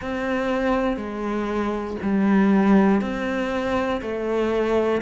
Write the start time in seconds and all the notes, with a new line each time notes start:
0.01 C4
0.96 G#3
2.02 G3
3.00 C4
4.01 A3